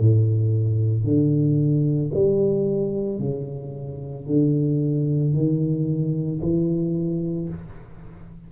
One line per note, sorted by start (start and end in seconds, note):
0.00 1.05 A2
1.05 2.12 D3
2.15 3.19 G3
3.19 4.27 C#3
4.27 5.34 D3
5.34 6.41 D#3
6.42 7.50 E3